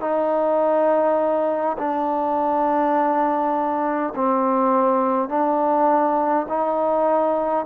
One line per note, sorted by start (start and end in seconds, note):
0.00 1.76 D#4
1.78 4.13 D4
4.15 5.28 C4
5.28 6.46 D4
6.49 7.65 D#4